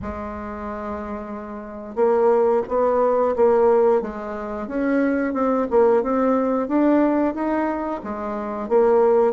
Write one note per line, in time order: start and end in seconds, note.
0.02 1.95 G#3
1.95 2.62 A#3
2.68 3.35 B3
3.35 4.01 A#3
4.01 4.67 G#3
4.67 5.33 C#4
5.33 5.67 C4
5.70 6.02 A#3
6.02 6.68 C4
6.68 7.34 D4
7.34 8.01 D#4
8.03 8.68 G#3
8.68 9.33 A#3